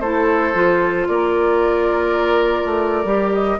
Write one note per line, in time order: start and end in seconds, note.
0.00 0.53 A3
0.00 0.54 E4
0.00 1.07 A4
0.00 1.06 C5
0.54 1.07 F3
0.54 3.05 F4
1.07 2.65 A#3
1.07 3.59 A#4
1.07 3.33 D5
2.65 3.04 A3
3.04 3.57 G3
3.04 3.59 G4
3.33 3.59 D#5